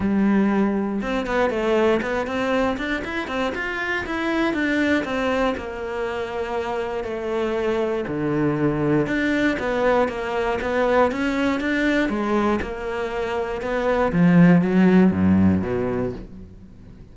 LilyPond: \new Staff \with { instrumentName = "cello" } { \time 4/4 \tempo 4 = 119 g2 c'8 b8 a4 | b8 c'4 d'8 e'8 c'8 f'4 | e'4 d'4 c'4 ais4~ | ais2 a2 |
d2 d'4 b4 | ais4 b4 cis'4 d'4 | gis4 ais2 b4 | f4 fis4 fis,4 b,4 | }